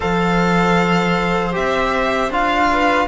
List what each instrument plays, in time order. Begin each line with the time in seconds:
0.00 cello F3, trombone A4, viola C5, violin F5
1.52 cello C4, trombone G4, violin E5
2.29 cello D4, trombone F4, violin F5
2.71 viola B4